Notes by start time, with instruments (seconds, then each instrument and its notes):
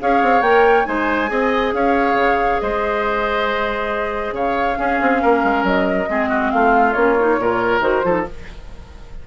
0.00 bassoon C#4, clarinet G#4, oboe C#5, flute F5
0.23 bassoon C4
0.42 bassoon A#3, clarinet A#4, flute G5
0.86 bassoon G#3, clarinet D#4, oboe C5, flute G#5
1.27 bassoon C4, clarinet G#4, oboe D#5
1.74 bassoon C#4, oboe C#5, flute F5
2.15 bassoon C#3
2.61 bassoon G#3, oboe C5, flute D#5
4.33 bassoon C#3, oboe C#5, flute F5
4.77 clarinet C#4, bassoon C#4, oboe G#4
5.01 bassoon C4
5.22 bassoon A#3, oboe A#4
5.44 bassoon G#3
5.64 bassoon F#3, flute D#5
6.09 bassoon G#3, clarinet C4, oboe G#4
6.29 oboe F#4
6.51 bassoon A3, oboe F4, flute F5
6.94 bassoon A#3, clarinet C#4, flute C#5
7.20 clarinet D#4
7.39 bassoon A#2, clarinet F4, oboe A#4
7.81 bassoon D#3, clarinet F#4, flute C5
8.04 bassoon F3, clarinet F4, oboe A4
8.11 clarinet D#4